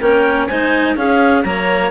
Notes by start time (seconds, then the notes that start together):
0.00 A#3 C#4 A#4 G5
0.47 G#3 D#4 C5 G#5
0.96 C#4 G#4 F5
1.43 F#3 A#3 C#5 A#5